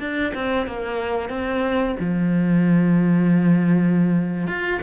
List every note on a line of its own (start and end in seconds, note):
0.00 0.33 D4
0.35 0.67 C4
0.67 1.30 A#3
1.30 1.96 C4
2.00 4.48 F3
4.48 4.81 F4